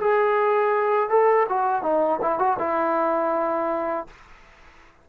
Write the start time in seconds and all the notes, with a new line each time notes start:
0.00 G#4
1.10 A4
1.49 F#4
1.82 D#4
2.22 E4
2.39 F#4
2.59 E4